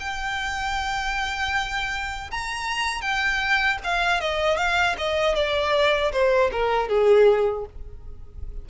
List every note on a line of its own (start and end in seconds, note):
0.00 2.31 G5
2.31 3.01 A#5
3.01 3.78 G5
3.84 4.21 F5
4.21 4.57 D#5
4.57 4.96 F5
4.98 5.35 D#5
5.35 6.12 D5
6.12 6.51 C5
6.52 6.88 A#4
6.88 7.65 G#4